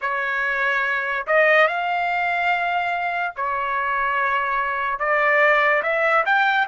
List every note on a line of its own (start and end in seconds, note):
0.01 1.26 C#5
1.26 1.67 D#5
1.67 3.34 F5
3.36 4.98 C#5
4.98 5.82 D5
5.83 6.24 E5
6.25 6.67 G5